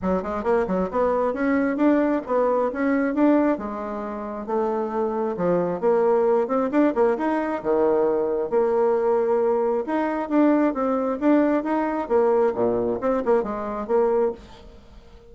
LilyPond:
\new Staff \with { instrumentName = "bassoon" } { \time 4/4 \tempo 4 = 134 fis8 gis8 ais8 fis8 b4 cis'4 | d'4 b4 cis'4 d'4 | gis2 a2 | f4 ais4. c'8 d'8 ais8 |
dis'4 dis2 ais4~ | ais2 dis'4 d'4 | c'4 d'4 dis'4 ais4 | ais,4 c'8 ais8 gis4 ais4 | }